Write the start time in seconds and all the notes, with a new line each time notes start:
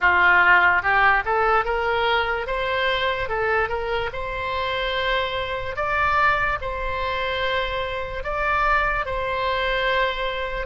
0.00 F4
0.82 G4
1.25 A4
1.64 A#4
2.46 C5
3.28 A4
3.68 A#4
4.12 C5
5.76 D5
6.61 C5
8.23 D5
9.05 C5